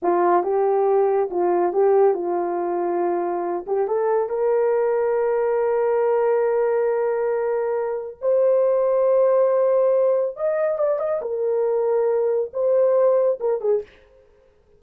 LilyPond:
\new Staff \with { instrumentName = "horn" } { \time 4/4 \tempo 4 = 139 f'4 g'2 f'4 | g'4 f'2.~ | f'8 g'8 a'4 ais'2~ | ais'1~ |
ais'2. c''4~ | c''1 | dis''4 d''8 dis''8 ais'2~ | ais'4 c''2 ais'8 gis'8 | }